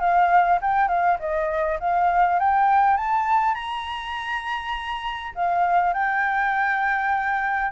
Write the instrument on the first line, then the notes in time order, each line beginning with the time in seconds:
flute
0.00 F5
0.62 G5
0.89 F5
1.20 D#5
1.80 F5
2.40 G5
2.97 A5
3.55 A#5
5.35 F5
5.94 G5